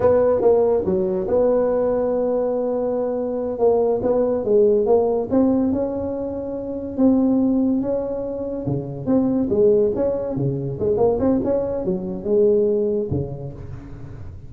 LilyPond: \new Staff \with { instrumentName = "tuba" } { \time 4/4 \tempo 4 = 142 b4 ais4 fis4 b4~ | b1~ | b8 ais4 b4 gis4 ais8~ | ais8 c'4 cis'2~ cis'8~ |
cis'8 c'2 cis'4.~ | cis'8 cis4 c'4 gis4 cis'8~ | cis'8 cis4 gis8 ais8 c'8 cis'4 | fis4 gis2 cis4 | }